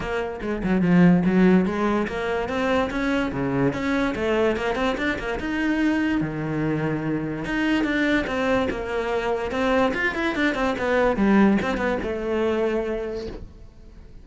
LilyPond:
\new Staff \with { instrumentName = "cello" } { \time 4/4 \tempo 4 = 145 ais4 gis8 fis8 f4 fis4 | gis4 ais4 c'4 cis'4 | cis4 cis'4 a4 ais8 c'8 | d'8 ais8 dis'2 dis4~ |
dis2 dis'4 d'4 | c'4 ais2 c'4 | f'8 e'8 d'8 c'8 b4 g4 | c'8 b8 a2. | }